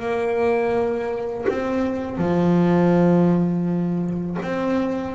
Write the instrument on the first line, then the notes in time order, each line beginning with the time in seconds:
double bass
0.00 A#3
1.49 C4
2.18 F3
4.43 C4